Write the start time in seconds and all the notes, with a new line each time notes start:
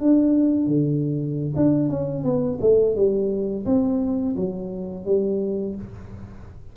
0.00 D4
0.67 D3
1.56 D4
1.89 C#4
2.24 B3
2.61 A3
2.96 G3
3.66 C4
4.36 F#3
5.05 G3